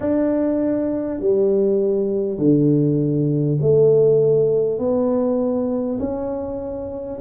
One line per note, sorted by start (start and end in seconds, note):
0.00 1.20 D4
1.20 2.38 G3
2.38 3.58 D3
3.61 4.78 A3
4.78 5.98 B3
5.99 7.19 C#4